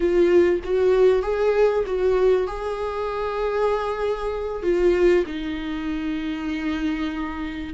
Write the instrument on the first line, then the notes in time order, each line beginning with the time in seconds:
viola
0.00 F4
0.64 F#4
1.22 G#4
1.86 F#4
2.47 G#4
4.62 F4
5.26 D#4